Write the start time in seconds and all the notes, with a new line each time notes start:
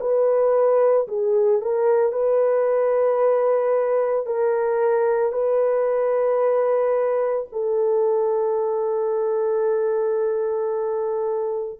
0.00 B4
1.08 G#4
1.61 A#4
2.12 B4
4.26 A#4
5.32 B4
7.52 A4